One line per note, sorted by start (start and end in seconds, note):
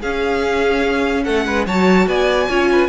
0.00 1.26 C#4
0.00 1.67 C#4
0.00 1.23 G#4
0.00 1.23 F5
1.23 1.46 A3
1.23 1.44 A4
1.23 1.65 F#5
1.46 1.66 G#3
1.46 1.66 B4
1.66 2.07 F#3
1.66 2.49 F#4
1.66 2.07 C#5
1.66 2.08 A5
2.07 2.48 B3
2.07 2.48 D5
2.07 2.88 G#5
2.48 2.88 C#4
2.48 2.88 F4
2.48 2.69 C#5
2.72 2.88 B4